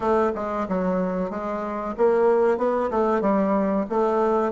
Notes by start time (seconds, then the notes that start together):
0.00 A3
0.35 G#3
0.68 F#3
1.30 G#3
1.97 A#3
2.57 B3
2.90 A3
3.21 G3
3.89 A3